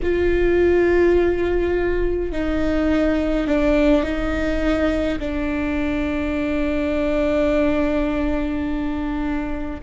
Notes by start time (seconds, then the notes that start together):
0.02 F4
2.32 D#4
3.47 D4
4.03 D#4
5.19 D4